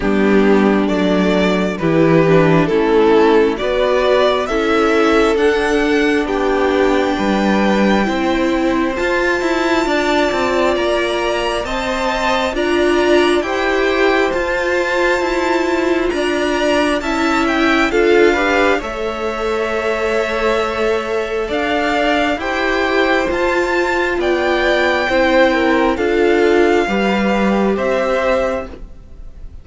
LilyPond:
<<
  \new Staff \with { instrumentName = "violin" } { \time 4/4 \tempo 4 = 67 g'4 d''4 b'4 a'4 | d''4 e''4 fis''4 g''4~ | g''2 a''2 | ais''4 a''4 ais''4 g''4 |
a''2 ais''4 a''8 g''8 | f''4 e''2. | f''4 g''4 a''4 g''4~ | g''4 f''2 e''4 | }
  \new Staff \with { instrumentName = "violin" } { \time 4/4 d'2 g'4 e'4 | b'4 a'2 g'4 | b'4 c''2 d''4~ | d''4 dis''4 d''4 c''4~ |
c''2 d''4 e''4 | a'8 b'8 cis''2. | d''4 c''2 d''4 | c''8 ais'8 a'4 b'4 c''4 | }
  \new Staff \with { instrumentName = "viola" } { \time 4/4 b4 a4 e'8 d'8 cis'4 | fis'4 e'4 d'2~ | d'4 e'4 f'2~ | f'4 c''4 f'4 g'4 |
f'2. e'4 | f'8 g'8 a'2.~ | a'4 g'4 f'2 | e'4 f'4 g'2 | }
  \new Staff \with { instrumentName = "cello" } { \time 4/4 g4 fis4 e4 a4 | b4 cis'4 d'4 b4 | g4 c'4 f'8 e'8 d'8 c'8 | ais4 c'4 d'4 e'4 |
f'4 e'4 d'4 cis'4 | d'4 a2. | d'4 e'4 f'4 b4 | c'4 d'4 g4 c'4 | }
>>